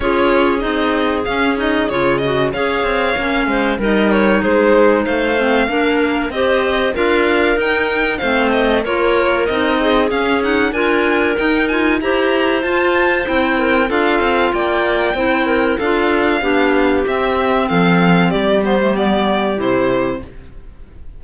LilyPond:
<<
  \new Staff \with { instrumentName = "violin" } { \time 4/4 \tempo 4 = 95 cis''4 dis''4 f''8 dis''8 cis''8 dis''8 | f''2 dis''8 cis''8 c''4 | f''2 dis''4 f''4 | g''4 f''8 dis''8 cis''4 dis''4 |
f''8 fis''8 gis''4 g''8 gis''8 ais''4 | a''4 g''4 f''4 g''4~ | g''4 f''2 e''4 | f''4 d''8 c''8 d''4 c''4 | }
  \new Staff \with { instrumentName = "clarinet" } { \time 4/4 gis'1 | cis''4. c''8 ais'4 gis'4 | c''4 ais'4 c''4 ais'4~ | ais'4 c''4 ais'4. gis'8~ |
gis'4 ais'2 c''4~ | c''4. ais'8 a'4 d''4 | c''8 ais'8 a'4 g'2 | a'4 g'2. | }
  \new Staff \with { instrumentName = "clarinet" } { \time 4/4 f'4 dis'4 cis'8 dis'8 f'8 fis'8 | gis'4 cis'4 dis'2~ | dis'8 c'8 d'4 g'4 f'4 | dis'4 c'4 f'4 dis'4 |
cis'8 dis'8 f'4 dis'8 f'8 g'4 | f'4 e'4 f'2 | e'4 f'4 d'4 c'4~ | c'4. b16 a16 b4 e'4 | }
  \new Staff \with { instrumentName = "cello" } { \time 4/4 cis'4 c'4 cis'4 cis4 | cis'8 c'8 ais8 gis8 g4 gis4 | a4 ais4 c'4 d'4 | dis'4 a4 ais4 c'4 |
cis'4 d'4 dis'4 e'4 | f'4 c'4 d'8 c'8 ais4 | c'4 d'4 b4 c'4 | f4 g2 c4 | }
>>